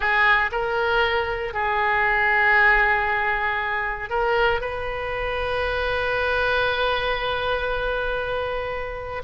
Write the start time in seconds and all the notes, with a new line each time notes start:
0.00 G#4
0.51 A#4
1.53 G#4
4.09 A#4
4.61 B4